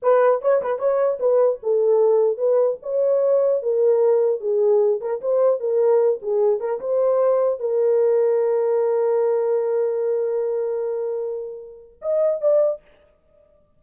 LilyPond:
\new Staff \with { instrumentName = "horn" } { \time 4/4 \tempo 4 = 150 b'4 cis''8 b'8 cis''4 b'4 | a'2 b'4 cis''4~ | cis''4 ais'2 gis'4~ | gis'8 ais'8 c''4 ais'4. gis'8~ |
gis'8 ais'8 c''2 ais'4~ | ais'1~ | ais'1~ | ais'2 dis''4 d''4 | }